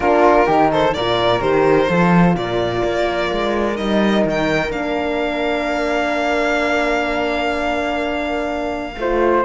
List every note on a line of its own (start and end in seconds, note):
0.00 0.46 A#3
0.00 0.47 D4
0.00 0.46 F4
0.00 0.70 A#4
0.46 0.95 D#3
0.46 0.94 D#4
0.46 0.70 G4
0.71 0.94 A4
0.71 0.94 C5
0.94 1.40 A#2
0.94 1.40 F4
0.94 1.89 A#4
0.94 1.41 D5
1.40 1.88 D#3
1.40 1.87 G4
1.40 2.35 C5
1.87 2.35 F3
1.87 3.75 F4
1.87 2.36 A4
2.35 2.82 A#2
2.35 8.97 A#4
2.35 3.77 D5
2.84 3.31 A#3
3.31 3.79 G#3
3.75 4.25 G3
3.75 4.69 D#4
3.75 4.24 D#5
4.25 4.70 D#3
4.25 4.71 G5
4.69 8.95 A#3
4.69 8.94 D4
4.69 9.44 F5
8.97 9.44 A3
8.97 9.44 F4
8.97 9.44 C5